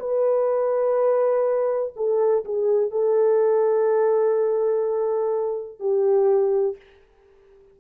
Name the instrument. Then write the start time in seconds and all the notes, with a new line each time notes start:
horn
0.00 B4
1.96 A4
2.45 G#4
2.91 A4
5.80 G4